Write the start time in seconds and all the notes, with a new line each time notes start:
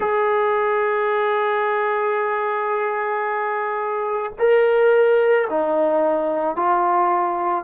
0.00 G#4
4.38 A#4
5.50 D#4
6.56 F4